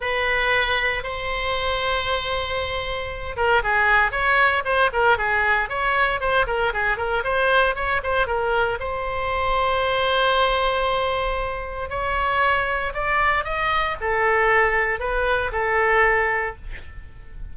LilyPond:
\new Staff \with { instrumentName = "oboe" } { \time 4/4 \tempo 4 = 116 b'2 c''2~ | c''2~ c''8 ais'8 gis'4 | cis''4 c''8 ais'8 gis'4 cis''4 | c''8 ais'8 gis'8 ais'8 c''4 cis''8 c''8 |
ais'4 c''2.~ | c''2. cis''4~ | cis''4 d''4 dis''4 a'4~ | a'4 b'4 a'2 | }